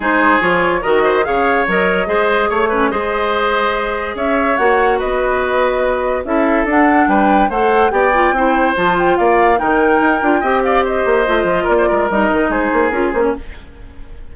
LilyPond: <<
  \new Staff \with { instrumentName = "flute" } { \time 4/4 \tempo 4 = 144 c''4 cis''4 dis''4 f''4 | dis''2 cis''4 dis''4~ | dis''2 e''4 fis''4 | dis''2. e''4 |
fis''4 g''4 fis''4 g''4~ | g''4 a''8 g''8 f''4 g''4~ | g''4. f''8 dis''2 | d''4 dis''4 c''4 ais'8 c''16 cis''16 | }
  \new Staff \with { instrumentName = "oboe" } { \time 4/4 gis'2 ais'8 c''8 cis''4~ | cis''4 c''4 cis''8 b'8 c''4~ | c''2 cis''2 | b'2. a'4~ |
a'4 b'4 c''4 d''4 | c''2 d''4 ais'4~ | ais'4 dis''8 d''8 c''2 | ais'16 c''16 ais'4. gis'2 | }
  \new Staff \with { instrumentName = "clarinet" } { \time 4/4 dis'4 f'4 fis'4 gis'4 | ais'4 gis'4. cis'8 gis'4~ | gis'2. fis'4~ | fis'2. e'4 |
d'2 a'4 g'8 f'8 | e'4 f'2 dis'4~ | dis'8 f'8 g'2 f'4~ | f'4 dis'2 f'8 cis'8 | }
  \new Staff \with { instrumentName = "bassoon" } { \time 4/4 gis4 f4 dis4 cis4 | fis4 gis4 a4 gis4~ | gis2 cis'4 ais4 | b2. cis'4 |
d'4 g4 a4 b4 | c'4 f4 ais4 dis4 | dis'8 d'8 c'4. ais8 a8 f8 | ais8 gis8 g8 dis8 gis8 ais8 cis'8 ais8 | }
>>